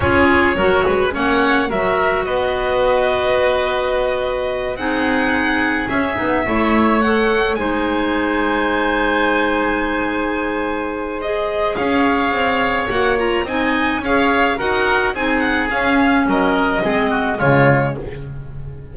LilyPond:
<<
  \new Staff \with { instrumentName = "violin" } { \time 4/4 \tempo 4 = 107 cis''2 fis''4 e''4 | dis''1~ | dis''8 fis''2 e''4.~ | e''8 fis''4 gis''2~ gis''8~ |
gis''1 | dis''4 f''2 fis''8 ais''8 | gis''4 f''4 fis''4 gis''8 fis''8 | f''4 dis''2 cis''4 | }
  \new Staff \with { instrumentName = "oboe" } { \time 4/4 gis'4 ais'8 b'8 cis''4 ais'4 | b'1~ | b'8 gis'2. cis''8~ | cis''4. c''2~ c''8~ |
c''1~ | c''4 cis''2. | dis''4 cis''4 ais'4 gis'4~ | gis'4 ais'4 gis'8 fis'8 f'4 | }
  \new Staff \with { instrumentName = "clarinet" } { \time 4/4 f'4 fis'4 cis'4 fis'4~ | fis'1~ | fis'8 dis'2 cis'8 dis'8 e'8~ | e'8 a'4 dis'2~ dis'8~ |
dis'1 | gis'2. fis'8 f'8 | dis'4 gis'4 fis'4 dis'4 | cis'2 c'4 gis4 | }
  \new Staff \with { instrumentName = "double bass" } { \time 4/4 cis'4 fis8 gis8 ais4 fis4 | b1~ | b8 c'2 cis'8 b8 a8~ | a4. gis2~ gis8~ |
gis1~ | gis4 cis'4 c'4 ais4 | c'4 cis'4 dis'4 c'4 | cis'4 fis4 gis4 cis4 | }
>>